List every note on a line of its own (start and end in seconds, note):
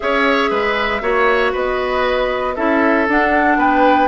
0.00 0.51 C#4
0.00 1.00 G#4
0.00 0.50 C#5
0.00 1.53 E5
0.50 1.01 G#3
0.50 1.01 B4
1.01 1.52 A#3
1.01 2.55 F#4
1.01 1.52 C#5
1.52 2.57 B3
1.52 2.54 B4
1.52 2.55 D#5
2.55 3.08 C#4
2.55 3.07 E4
2.55 3.58 A4
2.55 3.06 E5
3.08 3.57 D4
3.08 4.07 D4
3.08 3.59 F#5
3.57 4.07 B3
3.57 4.07 B4
3.57 4.07 G5